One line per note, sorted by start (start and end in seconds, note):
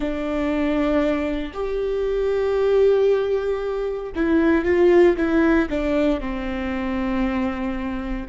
0.00 1.52 D4
1.53 4.12 G4
4.15 4.65 E4
4.65 5.16 F4
5.17 5.68 E4
5.69 6.20 D4
6.20 8.27 C4